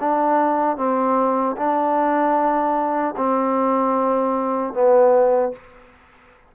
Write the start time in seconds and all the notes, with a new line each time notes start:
0.00 D4
0.77 C4
1.57 D4
3.17 C4
4.74 B3